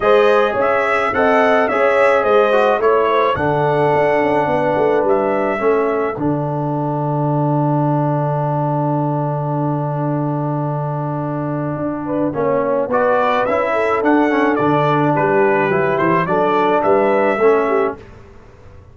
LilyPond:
<<
  \new Staff \with { instrumentName = "trumpet" } { \time 4/4 \tempo 4 = 107 dis''4 e''4 fis''4 e''4 | dis''4 cis''4 fis''2~ | fis''4 e''2 fis''4~ | fis''1~ |
fis''1~ | fis''2. d''4 | e''4 fis''4 d''4 b'4~ | b'8 c''8 d''4 e''2 | }
  \new Staff \with { instrumentName = "horn" } { \time 4/4 c''4 cis''4 dis''4 cis''4 | c''4 cis''8 c''8 a'2 | b'2 a'2~ | a'1~ |
a'1~ | a'4. b'8 cis''4 b'4~ | b'8 a'2~ a'8 g'4~ | g'4 a'4 b'4 a'8 g'8 | }
  \new Staff \with { instrumentName = "trombone" } { \time 4/4 gis'2 a'4 gis'4~ | gis'8 fis'8 e'4 d'2~ | d'2 cis'4 d'4~ | d'1~ |
d'1~ | d'2 cis'4 fis'4 | e'4 d'8 cis'8 d'2 | e'4 d'2 cis'4 | }
  \new Staff \with { instrumentName = "tuba" } { \time 4/4 gis4 cis'4 c'4 cis'4 | gis4 a4 d4 d'8 cis'8 | b8 a8 g4 a4 d4~ | d1~ |
d1~ | d4 d'4 ais4 b4 | cis'4 d'4 d4 g4 | fis8 e8 fis4 g4 a4 | }
>>